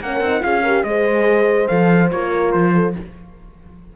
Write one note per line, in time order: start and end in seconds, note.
0.00 0.20 A#3
0.00 0.24 C#4
0.00 0.44 A#4
0.00 0.43 F#5
0.20 0.41 C4
0.20 0.40 D#4
0.40 0.83 C#4
0.40 0.61 F4
0.40 0.63 G#4
0.40 0.83 F5
0.63 0.86 G4
0.63 0.84 A#4
0.83 1.67 G#3
0.83 1.68 G#4
0.83 2.31 C5
0.83 1.67 D#5
1.67 2.12 F3
1.67 2.10 A4
1.67 2.09 F5
2.11 2.53 A#3
2.11 2.96 F4
2.11 2.52 C#5
2.31 2.73 A#4
2.52 2.95 F3
2.52 2.94 C5
2.74 2.95 A4